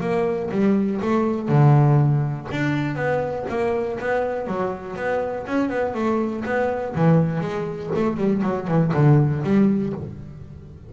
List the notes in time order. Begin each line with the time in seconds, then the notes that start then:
0.00 A#3
0.51 G3
1.01 A3
1.49 D3
2.51 D4
2.95 B3
3.49 A#3
4.00 B3
4.47 F#3
4.96 B3
5.46 C#4
5.70 B3
5.94 A3
6.45 B3
6.95 E3
7.40 G#3
7.95 A3
8.17 G3
8.43 F#3
8.68 E3
8.93 D3
9.43 G3